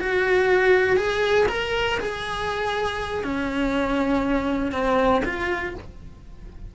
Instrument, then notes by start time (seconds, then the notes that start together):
cello
0.00 F#4
0.97 G#4
1.48 A#4
2.00 G#4
3.24 C#4
4.72 C4
5.25 F4